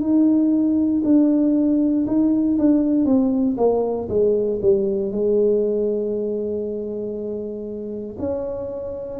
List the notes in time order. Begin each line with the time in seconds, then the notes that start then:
0.00 D#4
1.04 D4
2.06 D#4
2.58 D4
3.05 C4
3.56 A#3
4.09 G#3
4.61 G3
5.11 G#3
8.19 C#4